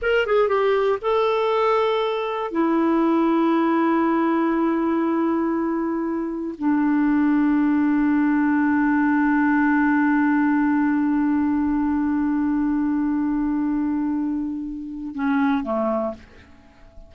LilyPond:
\new Staff \with { instrumentName = "clarinet" } { \time 4/4 \tempo 4 = 119 ais'8 gis'8 g'4 a'2~ | a'4 e'2.~ | e'1~ | e'4 d'2.~ |
d'1~ | d'1~ | d'1~ | d'2 cis'4 a4 | }